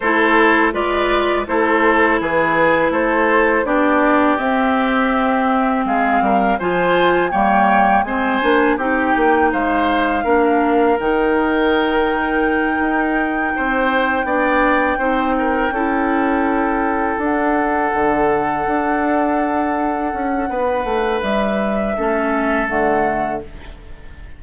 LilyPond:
<<
  \new Staff \with { instrumentName = "flute" } { \time 4/4 \tempo 4 = 82 c''4 d''4 c''4 b'4 | c''4 d''4 e''2 | f''4 gis''4 g''4 gis''4 | g''4 f''2 g''4~ |
g''1~ | g''2.~ g''8 fis''8~ | fis''1~ | fis''4 e''2 fis''4 | }
  \new Staff \with { instrumentName = "oboe" } { \time 4/4 a'4 b'4 a'4 gis'4 | a'4 g'2. | gis'8 ais'8 c''4 cis''4 c''4 | g'4 c''4 ais'2~ |
ais'2~ ais'8 c''4 d''8~ | d''8 c''8 ais'8 a'2~ a'8~ | a'1 | b'2 a'2 | }
  \new Staff \with { instrumentName = "clarinet" } { \time 4/4 e'4 f'4 e'2~ | e'4 d'4 c'2~ | c'4 f'4 ais4 c'8 d'8 | dis'2 d'4 dis'4~ |
dis'2.~ dis'8 d'8~ | d'8 dis'4 e'2 d'8~ | d'1~ | d'2 cis'4 a4 | }
  \new Staff \with { instrumentName = "bassoon" } { \time 4/4 a4 gis4 a4 e4 | a4 b4 c'2 | gis8 g8 f4 g4 gis8 ais8 | c'8 ais8 gis4 ais4 dis4~ |
dis4. dis'4 c'4 b8~ | b8 c'4 cis'2 d'8~ | d'8 d4 d'2 cis'8 | b8 a8 g4 a4 d4 | }
>>